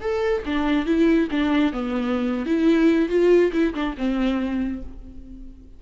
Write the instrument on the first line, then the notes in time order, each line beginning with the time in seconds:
viola
0.00 A4
0.45 D4
0.85 E4
1.31 D4
1.72 B3
2.45 E4
3.09 F4
3.52 E4
3.74 D4
3.97 C4